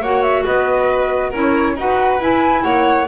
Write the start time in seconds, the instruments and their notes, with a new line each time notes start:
0.00 double bass A#3, clarinet F#4, violin C#5, flute F#5
0.22 flute E5
0.45 double bass B3, violin B4, flute D#5
1.30 double bass C#4, clarinet E4, violin A#4, flute C#5
1.75 double bass D#4, clarinet F#4, violin B4, flute F#5
2.20 clarinet E4, double bass E4, flute G#5
2.63 double bass A#3, violin C#5, flute F#5